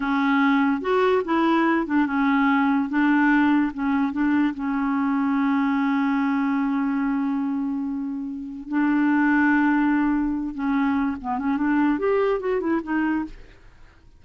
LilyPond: \new Staff \with { instrumentName = "clarinet" } { \time 4/4 \tempo 4 = 145 cis'2 fis'4 e'4~ | e'8 d'8 cis'2 d'4~ | d'4 cis'4 d'4 cis'4~ | cis'1~ |
cis'1~ | cis'4 d'2.~ | d'4. cis'4. b8 cis'8 | d'4 g'4 fis'8 e'8 dis'4 | }